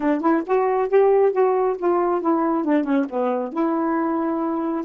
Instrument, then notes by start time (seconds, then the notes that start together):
saxophone
0.00 D4
0.20 E4
0.46 F#4
0.88 G4
1.32 F#4
1.78 F4
2.21 E4
2.64 D4
2.84 C#4
3.09 B3
3.52 E4